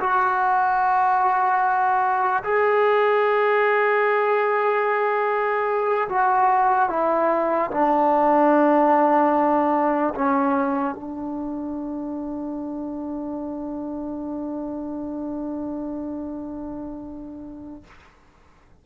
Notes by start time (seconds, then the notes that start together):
0.00 F#4
2.44 G#4
6.09 F#4
6.90 E4
7.71 D4
10.15 C#4
10.95 D4